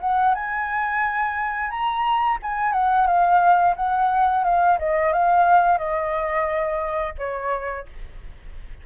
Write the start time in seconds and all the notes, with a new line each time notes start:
0.00 F#5
0.34 G#5
1.70 A#5
2.42 G#5
2.72 F#5
3.07 F5
3.76 F#5
4.44 F5
4.79 D#5
5.13 F5
5.78 D#5
7.18 C#5